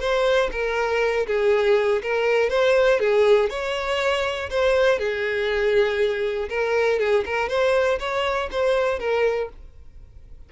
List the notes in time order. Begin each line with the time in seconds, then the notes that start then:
0.00 C5
0.52 A#4
1.27 G#4
2.02 A#4
2.50 C5
3.00 G#4
3.50 C#5
4.50 C5
4.99 G#4
6.49 A#4
6.99 G#4
7.25 A#4
7.49 C5
7.99 C#5
8.51 C5
8.99 A#4